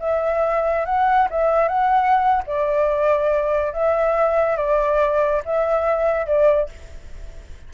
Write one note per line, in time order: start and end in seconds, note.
0.00 0.86 E5
0.86 1.29 F#5
1.31 1.69 E5
1.69 2.44 F#5
2.47 3.73 D5
3.73 4.57 E5
4.57 5.43 D5
5.45 6.27 E5
6.27 6.70 D5